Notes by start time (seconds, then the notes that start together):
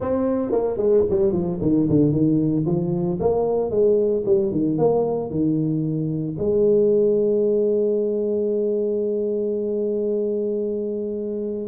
0.00 C4
0.51 A#3
0.77 G#3
1.10 G3
1.32 F3
1.61 D#3
1.89 D3
2.11 D#3
2.65 F3
3.20 A#3
3.70 G#3
4.25 G3
4.51 D#3
4.78 A#3
5.30 D#3
6.38 G#3